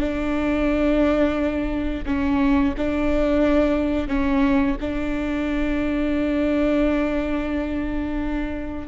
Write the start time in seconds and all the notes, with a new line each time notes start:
0.00 D4
2.06 C#4
2.77 D4
4.08 C#4
4.80 D4